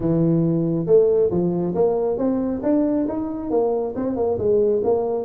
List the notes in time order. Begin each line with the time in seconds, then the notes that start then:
0.00 E3
0.86 A3
1.30 F3
1.74 A#3
2.17 C4
2.63 D4
3.08 D#4
3.50 A#3
3.95 C4
4.16 A#3
4.38 G#3
4.84 A#3